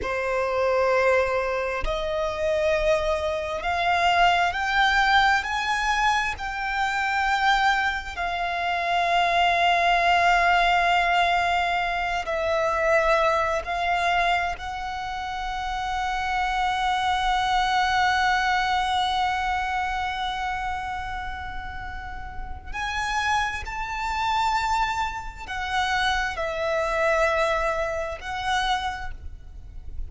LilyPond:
\new Staff \with { instrumentName = "violin" } { \time 4/4 \tempo 4 = 66 c''2 dis''2 | f''4 g''4 gis''4 g''4~ | g''4 f''2.~ | f''4. e''4. f''4 |
fis''1~ | fis''1~ | fis''4 gis''4 a''2 | fis''4 e''2 fis''4 | }